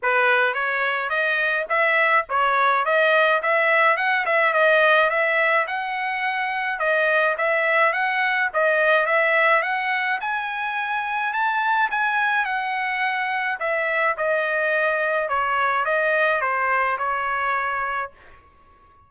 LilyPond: \new Staff \with { instrumentName = "trumpet" } { \time 4/4 \tempo 4 = 106 b'4 cis''4 dis''4 e''4 | cis''4 dis''4 e''4 fis''8 e''8 | dis''4 e''4 fis''2 | dis''4 e''4 fis''4 dis''4 |
e''4 fis''4 gis''2 | a''4 gis''4 fis''2 | e''4 dis''2 cis''4 | dis''4 c''4 cis''2 | }